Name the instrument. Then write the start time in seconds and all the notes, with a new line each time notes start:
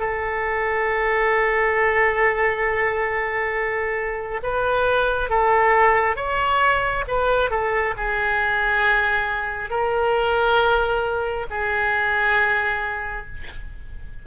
oboe
0.00 A4
4.43 B4
5.30 A4
6.16 C#5
7.08 B4
7.51 A4
7.97 G#4
9.71 A#4
11.50 G#4